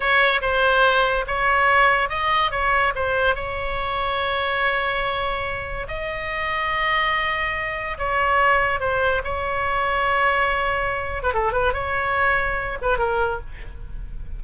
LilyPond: \new Staff \with { instrumentName = "oboe" } { \time 4/4 \tempo 4 = 143 cis''4 c''2 cis''4~ | cis''4 dis''4 cis''4 c''4 | cis''1~ | cis''2 dis''2~ |
dis''2. cis''4~ | cis''4 c''4 cis''2~ | cis''2~ cis''8. b'16 a'8 b'8 | cis''2~ cis''8 b'8 ais'4 | }